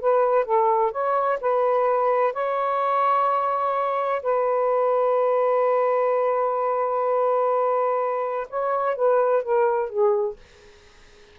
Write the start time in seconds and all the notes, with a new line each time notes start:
0.00 B4
0.44 A4
0.91 C#5
1.40 B4
2.33 C#5
4.22 B4
8.49 C#5
8.95 B4
9.42 A#4
9.89 G#4